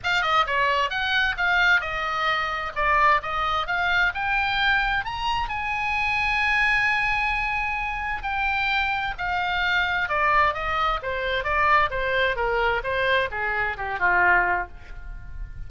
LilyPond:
\new Staff \with { instrumentName = "oboe" } { \time 4/4 \tempo 4 = 131 f''8 dis''8 cis''4 fis''4 f''4 | dis''2 d''4 dis''4 | f''4 g''2 ais''4 | gis''1~ |
gis''2 g''2 | f''2 d''4 dis''4 | c''4 d''4 c''4 ais'4 | c''4 gis'4 g'8 f'4. | }